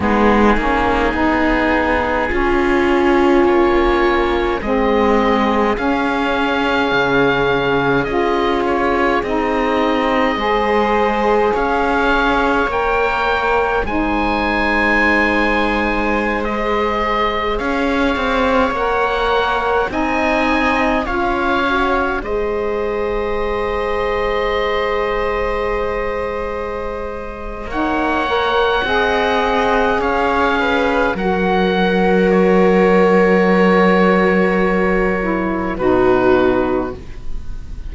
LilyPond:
<<
  \new Staff \with { instrumentName = "oboe" } { \time 4/4 \tempo 4 = 52 gis'2. cis''4 | dis''4 f''2 dis''8 cis''8 | dis''2 f''4 g''4 | gis''2~ gis''16 dis''4 f''8.~ |
f''16 fis''4 gis''4 f''4 dis''8.~ | dis''1 | fis''2 f''4 fis''4 | cis''2. b'4 | }
  \new Staff \with { instrumentName = "viola" } { \time 4/4 dis'2 f'2 | gis'1~ | gis'4 c''4 cis''2 | c''2.~ c''16 cis''8.~ |
cis''4~ cis''16 dis''4 cis''4 c''8.~ | c''1 | cis''4 dis''4 cis''8 b'8 ais'4~ | ais'2. fis'4 | }
  \new Staff \with { instrumentName = "saxophone" } { \time 4/4 b8 cis'8 dis'4 cis'2 | c'4 cis'2 f'4 | dis'4 gis'2 ais'4 | dis'2~ dis'16 gis'4.~ gis'16~ |
gis'16 ais'4 dis'4 f'8 fis'8 gis'8.~ | gis'1 | dis'8 ais'8 gis'2 fis'4~ | fis'2~ fis'8 e'8 dis'4 | }
  \new Staff \with { instrumentName = "cello" } { \time 4/4 gis8 ais8 b4 cis'4 ais4 | gis4 cis'4 cis4 cis'4 | c'4 gis4 cis'4 ais4 | gis2.~ gis16 cis'8 c'16~ |
c'16 ais4 c'4 cis'4 gis8.~ | gis1 | ais4 c'4 cis'4 fis4~ | fis2. b,4 | }
>>